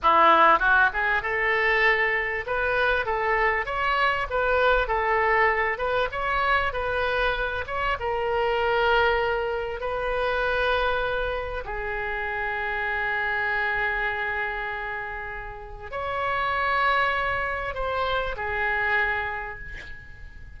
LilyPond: \new Staff \with { instrumentName = "oboe" } { \time 4/4 \tempo 4 = 98 e'4 fis'8 gis'8 a'2 | b'4 a'4 cis''4 b'4 | a'4. b'8 cis''4 b'4~ | b'8 cis''8 ais'2. |
b'2. gis'4~ | gis'1~ | gis'2 cis''2~ | cis''4 c''4 gis'2 | }